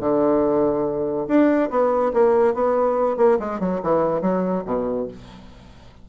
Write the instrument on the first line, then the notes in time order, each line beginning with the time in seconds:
bassoon
0.00 D3
1.27 D4
1.70 B3
2.13 A#3
2.54 B3
3.17 A#3
3.39 G#3
3.59 F#3
3.83 E3
4.21 F#3
4.65 B2